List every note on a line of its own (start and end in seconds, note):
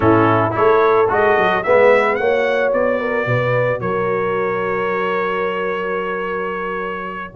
0.00 0.53 A2
0.00 0.50 C#4
0.00 0.56 E4
0.00 0.53 A4
0.50 1.09 A3
0.50 1.05 E4
0.50 1.10 C#5
0.57 1.66 A4
1.08 1.36 G#3
1.08 1.62 F#4
1.08 1.63 D#5
1.37 1.65 F#3
1.63 2.19 G#3
1.63 2.19 B3
1.63 2.20 B4
1.63 2.15 E5
2.15 2.73 A#3
2.15 7.35 F#4
2.15 2.99 C#5
2.15 2.70 F#5
2.73 3.26 B3
2.73 3.80 D5
2.99 3.27 A#4
3.26 3.80 B2
3.26 3.81 B4
3.80 7.35 F#3
3.80 7.35 A#4
3.80 7.34 C#5